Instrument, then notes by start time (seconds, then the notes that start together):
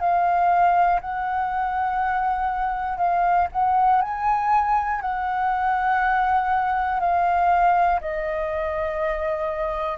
flute
0.00 F5
1.00 F#5
2.97 F5
3.52 F#5
4.01 G#5
5.01 F#5
7.00 F5
8.00 D#5